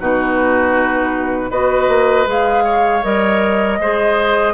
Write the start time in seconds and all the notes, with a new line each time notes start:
0.00 B2 D#4 F#4 B4
1.50 B3 F#4 B4 D#5
1.88 A#3
2.26 G#3 G#4 F5
2.64 C#5
3.03 G3 A#4 D#5
3.79 G#3 G#4 C5